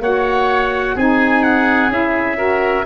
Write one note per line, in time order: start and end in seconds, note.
0.00 0.95 A#3
0.00 0.98 F#4
0.00 0.96 C#5
0.00 0.98 F#5
0.96 1.89 C4
0.96 1.90 D#4
0.96 2.38 G#4
0.96 1.43 G#5
1.43 1.91 F#5
1.89 2.84 C#4
1.89 2.37 E4
1.89 2.86 E5
2.37 2.84 F#4
2.37 2.86 A#4